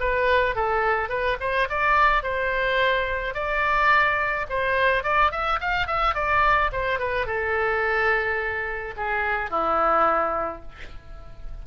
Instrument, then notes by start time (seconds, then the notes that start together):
oboe
0.00 B4
0.55 A4
1.09 B4
1.40 C5
1.69 D5
2.23 C5
3.34 D5
4.49 C5
5.04 D5
5.32 E5
5.60 F5
5.87 E5
6.15 D5
6.72 C5
6.99 B4
7.26 A4
8.97 G#4
9.50 E4